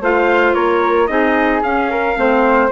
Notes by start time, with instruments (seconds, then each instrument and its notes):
0.00 bassoon A3, clarinet F4, flute C5, trumpet F5
0.54 bassoon A#3, flute A#4, trumpet C#5
1.07 bassoon C4, clarinet D#4, flute G#4, trumpet D#5
1.62 bassoon C#4, clarinet C#4, trumpet F5
1.90 flute A#4
2.16 bassoon A3, clarinet C4, flute C5